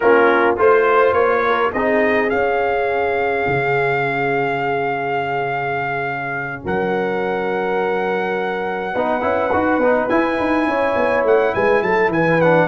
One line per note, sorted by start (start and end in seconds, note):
0.00 0.58 A#3
0.00 0.56 C#4
0.00 0.58 F4
0.00 0.55 A#4
0.56 1.12 A3
0.56 1.72 F4
0.56 1.45 C5
0.56 1.13 C5
1.12 1.70 A#3
1.12 1.70 C#5
1.46 1.74 A#4
1.73 2.31 C4
1.73 2.28 D#4
1.73 6.63 G#4
1.73 2.29 D#5
2.28 8.92 C#4
2.28 3.47 C#4
2.28 6.62 F5
3.47 6.64 C#3
6.63 8.94 F#3
6.63 8.94 A#4
6.63 10.08 F#5
8.94 9.23 B3
8.94 9.21 D#4
8.94 10.67 B4
9.21 9.52 C#4
9.21 9.50 E4
9.52 9.77 D#4
9.52 9.81 F#4
9.77 10.06 B3
9.77 10.10 D#4
10.08 10.38 E4
10.08 12.40 E4
10.08 11.24 G#5
10.39 10.66 D#4
10.66 10.95 C#4
10.66 11.54 C#5
10.96 11.24 B3
11.24 11.53 A3
11.24 11.54 F#5
11.54 11.82 G#3
11.54 11.83 B4
11.54 11.82 G#5
11.82 12.08 F#3
11.82 12.12 A4
11.82 12.11 A5
12.08 12.66 E3
12.08 12.67 B4
12.08 12.41 G#5
12.41 12.67 D4
12.41 12.67 F#5